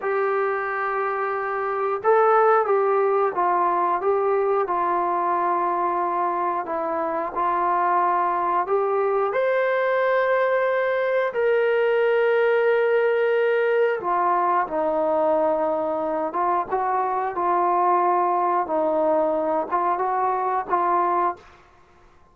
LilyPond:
\new Staff \with { instrumentName = "trombone" } { \time 4/4 \tempo 4 = 90 g'2. a'4 | g'4 f'4 g'4 f'4~ | f'2 e'4 f'4~ | f'4 g'4 c''2~ |
c''4 ais'2.~ | ais'4 f'4 dis'2~ | dis'8 f'8 fis'4 f'2 | dis'4. f'8 fis'4 f'4 | }